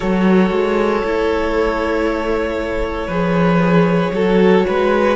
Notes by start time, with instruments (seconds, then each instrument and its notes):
0.00 cello F#3, viola F#4, violin A4 C#5
0.50 cello G#3
1.04 cello A3, viola E4
3.07 cello F3, viola G#4, violin B4
4.13 cello F#3, viola F#4, violin A4
4.66 cello G#3, violin B4